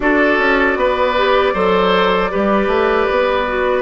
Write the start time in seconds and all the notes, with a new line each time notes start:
0.00 D4 F#4 A4 D5
0.38 C#4
0.76 B3 B4
1.16 G4
1.53 F#3 A4 C5
2.30 G3 G4 B4
2.67 A3
3.10 B3
3.47 F#4